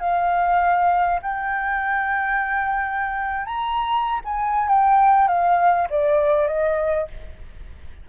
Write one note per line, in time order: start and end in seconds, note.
0.00 1.20 F5
1.22 3.46 G5
3.46 4.21 A#5
4.25 4.69 G#5
4.69 5.28 G5
5.28 5.88 F5
5.90 6.47 D5
6.47 7.07 D#5